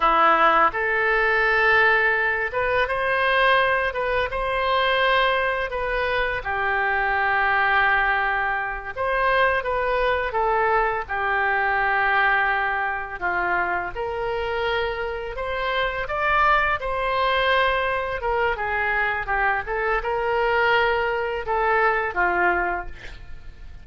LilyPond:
\new Staff \with { instrumentName = "oboe" } { \time 4/4 \tempo 4 = 84 e'4 a'2~ a'8 b'8 | c''4. b'8 c''2 | b'4 g'2.~ | g'8 c''4 b'4 a'4 g'8~ |
g'2~ g'8 f'4 ais'8~ | ais'4. c''4 d''4 c''8~ | c''4. ais'8 gis'4 g'8 a'8 | ais'2 a'4 f'4 | }